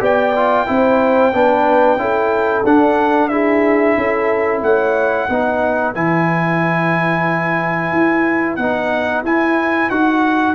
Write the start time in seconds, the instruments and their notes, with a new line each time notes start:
0.00 tuba B3, trombone G4, horn D5, trumpet G5
0.36 trombone F4
0.67 tuba C4, trombone E4, horn C5
1.33 tuba B3, trombone D4, horn B4
1.97 tuba C#4, trombone E4, horn A4
2.64 tuba D4, trombone D4, trumpet F#5
3.28 trombone E4, horn G#4, trumpet E5
3.97 tuba C#4, horn A4
4.62 tuba A3, horn C#5, trumpet F#5
5.28 tuba B3, trombone D#4, horn B4
5.95 tuba E3, trombone E4, trumpet G#5
7.92 tuba E4
8.56 tuba B3, trombone D#4, trumpet F#5
9.23 tuba E4, trombone E4, trumpet G#5
9.90 tuba D#4, trombone F#4, trumpet F#5